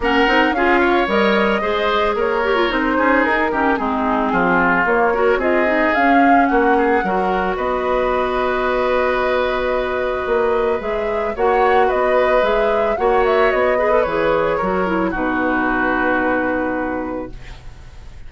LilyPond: <<
  \new Staff \with { instrumentName = "flute" } { \time 4/4 \tempo 4 = 111 fis''4 f''4 dis''2 | cis''4 c''4 ais'4 gis'4~ | gis'4 cis''4 dis''4 f''4 | fis''2 dis''2~ |
dis''1 | e''4 fis''4 dis''4 e''4 | fis''8 e''8 dis''4 cis''2 | b'1 | }
  \new Staff \with { instrumentName = "oboe" } { \time 4/4 ais'4 gis'8 cis''4. c''4 | ais'4. gis'4 g'8 dis'4 | f'4. ais'8 gis'2 | fis'8 gis'8 ais'4 b'2~ |
b'1~ | b'4 cis''4 b'2 | cis''4. b'4. ais'4 | fis'1 | }
  \new Staff \with { instrumentName = "clarinet" } { \time 4/4 cis'8 dis'8 f'4 ais'4 gis'4~ | gis'8 g'16 f'16 dis'4. cis'8 c'4~ | c'4 ais8 fis'8 f'8 dis'8 cis'4~ | cis'4 fis'2.~ |
fis'1 | gis'4 fis'2 gis'4 | fis'4. gis'16 a'16 gis'4 fis'8 e'8 | dis'1 | }
  \new Staff \with { instrumentName = "bassoon" } { \time 4/4 ais8 c'8 cis'4 g4 gis4 | ais4 c'8 cis'8 dis'8 dis8 gis4 | f4 ais4 c'4 cis'4 | ais4 fis4 b2~ |
b2. ais4 | gis4 ais4 b4 gis4 | ais4 b4 e4 fis4 | b,1 | }
>>